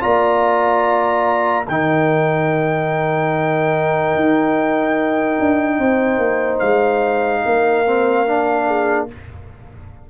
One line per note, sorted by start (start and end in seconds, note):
0.00 1.68 A#3
0.00 1.64 F4
0.00 1.66 D5
0.00 1.67 A#5
1.67 4.15 D#3
1.67 7.86 D#4
1.67 5.78 A#4
1.67 6.59 G5
4.15 5.38 D#4
5.39 5.78 D4
5.78 6.18 C4
5.78 7.43 C5
6.18 6.59 A#3
6.59 7.44 G#3
6.59 9.06 F5
7.45 9.10 A#3
7.45 8.67 A#4
7.86 8.26 C4
8.26 9.08 D4
8.67 9.08 G#4